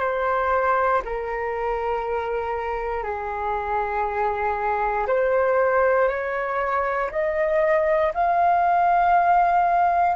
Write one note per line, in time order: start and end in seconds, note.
0.00 1.02 C5
1.05 3.03 A#4
3.03 5.07 G#4
5.08 6.09 C5
6.09 7.10 C#5
7.11 8.13 D#5
8.14 10.16 F5